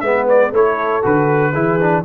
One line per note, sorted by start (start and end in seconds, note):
0.00 0.52 G#3
0.00 0.53 B3
0.00 0.52 B4
0.00 0.25 E5
0.28 0.54 D5
0.52 1.02 A3
0.52 1.02 E4
0.52 1.52 A4
0.52 1.05 C#5
1.02 1.54 D3
1.02 1.53 F#4
1.02 2.04 B4
1.52 2.04 E3
1.52 1.80 E4
1.52 2.02 G#4
1.80 2.04 D4